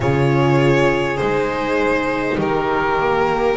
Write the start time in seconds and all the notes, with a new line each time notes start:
0.00 C#3 F4 G#4 C#5
1.17 G#3 D#4 C5
2.38 D#3 G4 A#4
2.99 A#3